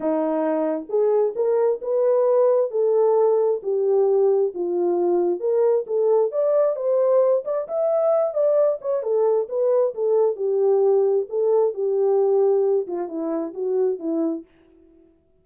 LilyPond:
\new Staff \with { instrumentName = "horn" } { \time 4/4 \tempo 4 = 133 dis'2 gis'4 ais'4 | b'2 a'2 | g'2 f'2 | ais'4 a'4 d''4 c''4~ |
c''8 d''8 e''4. d''4 cis''8 | a'4 b'4 a'4 g'4~ | g'4 a'4 g'2~ | g'8 f'8 e'4 fis'4 e'4 | }